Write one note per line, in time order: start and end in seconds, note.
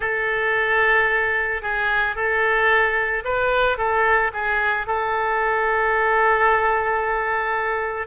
0.00 1.62 A4
1.62 2.15 G#4
2.15 3.23 A4
3.24 3.77 B4
3.77 4.31 A4
4.33 4.86 G#4
4.86 8.07 A4